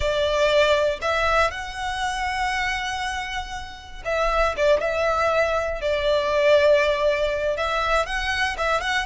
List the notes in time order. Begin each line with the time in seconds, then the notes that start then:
0.00 D5
1.01 E5
1.50 F#5
4.05 E5
4.56 D5
4.80 E5
5.81 D5
7.56 E5
8.06 F#5
8.57 E5
8.81 F#5